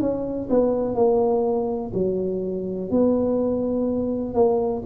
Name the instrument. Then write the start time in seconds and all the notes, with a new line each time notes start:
tuba
0.00 C#4
0.50 B3
0.95 A#3
1.94 F#3
2.90 B3
4.34 A#3